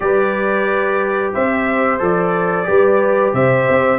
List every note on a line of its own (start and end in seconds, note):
0.00 1.34 G3
0.00 1.98 G4
0.00 1.33 B4
0.00 1.33 D5
1.33 2.00 C4
1.33 2.66 C5
1.33 2.00 E5
1.98 2.67 F3
1.98 2.64 A4
1.98 3.34 D5
2.64 3.33 G3
2.64 3.98 G4
2.64 3.34 B4
3.33 3.66 C3
3.33 3.98 C5
3.33 3.98 E5
3.69 3.98 C4